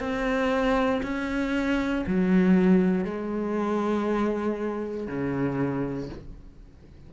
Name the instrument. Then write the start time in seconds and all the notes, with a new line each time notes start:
cello
0.00 C4
1.03 C#4
2.07 F#3
3.05 G#3
5.08 C#3